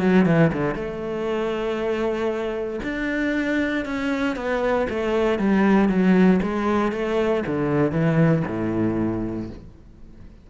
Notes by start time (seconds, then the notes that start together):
0.00 F#3
0.25 E3
0.52 D3
0.75 A3
2.83 D4
3.85 C#4
4.36 B3
4.89 A3
5.39 G3
5.89 F#3
6.42 G#3
6.92 A3
7.46 D3
7.91 E3
8.47 A2